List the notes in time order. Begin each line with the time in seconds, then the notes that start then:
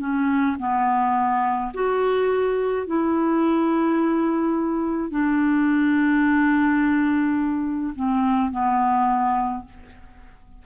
0.00 C#4
0.59 B3
1.74 F#4
2.87 E4
5.11 D4
7.96 C4
8.52 B3